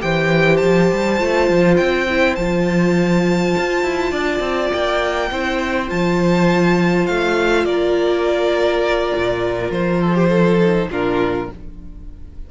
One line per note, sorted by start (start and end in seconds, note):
0.00 0.63 E3
0.00 1.18 G4
0.00 4.12 C5
0.00 0.57 G5
0.57 0.92 F3
0.57 1.75 A5
0.93 1.21 G3
1.19 1.50 A3
1.19 2.07 F4
1.50 1.80 F3
1.77 2.38 C4
1.77 2.36 G5
2.09 2.39 E4
2.36 3.56 F3
2.36 5.32 F4
2.36 4.71 A5
3.58 3.83 F4
3.83 4.12 E4
4.12 4.40 D4
4.12 5.30 D5
4.40 4.69 C4
4.73 5.32 A#3
4.73 5.90 G5
5.32 5.90 C4
5.32 5.88 E4
5.32 7.67 C5
5.88 7.09 F3
5.88 10.59 F4
5.88 7.07 A5
7.07 7.66 A3
7.07 7.66 F5
7.66 9.13 A#3
7.66 10.01 A#4
7.66 9.72 D5
9.15 9.71 A#2
9.71 10.89 F3
9.71 10.90 C5
10.01 10.15 A4
10.15 10.30 G4
10.30 10.89 A4
10.60 10.90 D#4
10.90 11.49 A#2
10.90 11.51 D4
10.90 11.50 F4
10.90 11.52 A#4